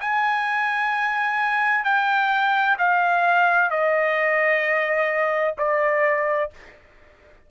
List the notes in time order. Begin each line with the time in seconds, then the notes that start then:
0.00 G#5
1.85 G5
2.79 F5
3.70 D#5
5.58 D5